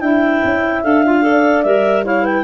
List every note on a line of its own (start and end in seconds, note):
0.00 0.41 D4
0.00 0.84 E4
0.00 1.23 E5
0.00 0.81 G5
0.44 0.83 C#4
0.83 1.64 D4
0.83 1.04 A4
0.83 1.63 F5
1.06 1.23 F4
1.23 1.63 A4
1.23 2.05 D5
1.63 2.44 G3
1.63 2.05 A#4
1.63 2.03 E5
2.05 2.44 E4
2.05 2.23 C#5
2.05 2.25 F5
2.23 2.43 B4
2.23 2.44 G5